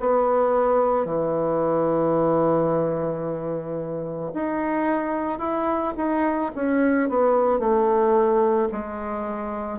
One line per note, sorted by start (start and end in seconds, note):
0.00 1.05 B3
1.05 4.32 E3
4.33 5.39 D#4
5.39 5.93 E4
5.97 6.51 D#4
6.55 7.09 C#4
7.09 7.59 B3
7.59 8.68 A3
8.72 9.79 G#3